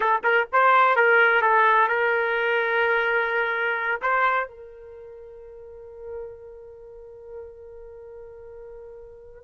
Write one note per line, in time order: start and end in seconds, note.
0.00 0.20 A4
0.23 0.47 A#4
0.52 0.96 C5
0.96 1.41 A#4
1.41 1.88 A4
1.88 4.00 A#4
4.01 4.48 C5
4.48 9.43 A#4